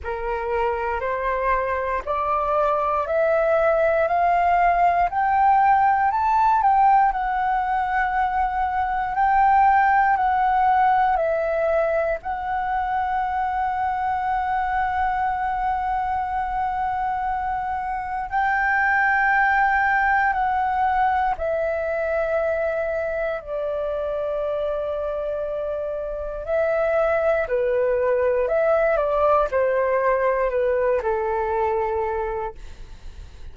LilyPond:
\new Staff \with { instrumentName = "flute" } { \time 4/4 \tempo 4 = 59 ais'4 c''4 d''4 e''4 | f''4 g''4 a''8 g''8 fis''4~ | fis''4 g''4 fis''4 e''4 | fis''1~ |
fis''2 g''2 | fis''4 e''2 d''4~ | d''2 e''4 b'4 | e''8 d''8 c''4 b'8 a'4. | }